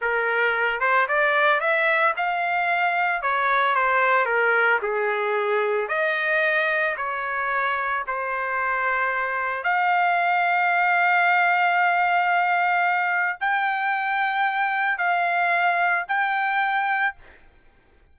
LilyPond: \new Staff \with { instrumentName = "trumpet" } { \time 4/4 \tempo 4 = 112 ais'4. c''8 d''4 e''4 | f''2 cis''4 c''4 | ais'4 gis'2 dis''4~ | dis''4 cis''2 c''4~ |
c''2 f''2~ | f''1~ | f''4 g''2. | f''2 g''2 | }